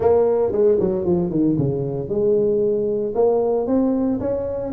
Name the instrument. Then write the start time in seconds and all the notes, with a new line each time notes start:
tuba
0.00 A#3
0.51 G#3
0.79 F#3
1.05 F3
1.30 D#3
1.58 C#3
2.08 G#3
3.14 A#3
3.67 C4
4.20 C#4